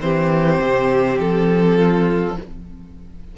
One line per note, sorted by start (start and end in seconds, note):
0.00 0.60 E3
0.00 2.35 C4
0.00 1.78 G4
0.00 1.18 C5
0.60 1.19 C3
1.19 2.37 F3
1.19 2.37 A4
1.78 2.37 F4